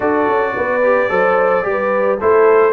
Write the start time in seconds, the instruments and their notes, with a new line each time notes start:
0.00 tuba D4, trombone F#4, horn A4, trumpet D5
0.27 tuba C#4
0.55 tuba B3, horn B4
0.82 trombone G4
1.09 tuba F#3, trombone A4, horn C5
1.63 tuba G3, trombone G4, horn B4
2.19 tuba A3, trombone E4, horn A4, trumpet C5